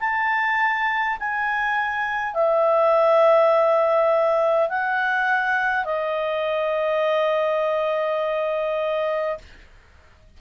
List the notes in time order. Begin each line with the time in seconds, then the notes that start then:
0.00 A5
1.19 G#5
2.34 E5
4.69 F#5
5.85 D#5